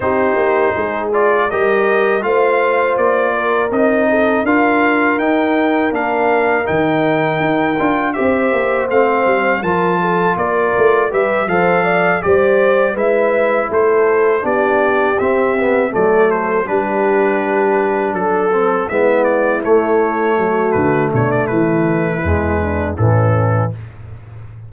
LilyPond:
<<
  \new Staff \with { instrumentName = "trumpet" } { \time 4/4 \tempo 4 = 81 c''4. d''8 dis''4 f''4 | d''4 dis''4 f''4 g''4 | f''4 g''2 e''4 | f''4 a''4 d''4 e''8 f''8~ |
f''8 d''4 e''4 c''4 d''8~ | d''8 e''4 d''8 c''8 b'4.~ | b'8 a'4 e''8 d''8 cis''4. | b'8 cis''16 d''16 b'2 a'4 | }
  \new Staff \with { instrumentName = "horn" } { \time 4/4 g'4 gis'4 ais'4 c''4~ | c''8 ais'4 a'8 ais'2~ | ais'2. c''4~ | c''4 ais'8 a'8 ais'4 b'8 c''8 |
d''8 c''4 b'4 a'4 g'8~ | g'4. a'4 g'4.~ | g'8 a'4 e'2 fis'8~ | fis'8 d'8 e'4. d'8 cis'4 | }
  \new Staff \with { instrumentName = "trombone" } { \time 4/4 dis'4. f'8 g'4 f'4~ | f'4 dis'4 f'4 dis'4 | d'4 dis'4. f'8 g'4 | c'4 f'2 g'8 a'8~ |
a'8 g'4 e'2 d'8~ | d'8 c'8 b8 a4 d'4.~ | d'4 c'8 b4 a4.~ | a2 gis4 e4 | }
  \new Staff \with { instrumentName = "tuba" } { \time 4/4 c'8 ais8 gis4 g4 a4 | ais4 c'4 d'4 dis'4 | ais4 dis4 dis'8 d'8 c'8 ais8 | a8 g8 f4 ais8 a8 g8 f8~ |
f8 g4 gis4 a4 b8~ | b8 c'4 fis4 g4.~ | g8 fis4 gis4 a4 fis8 | d8 b,8 e4 e,4 a,4 | }
>>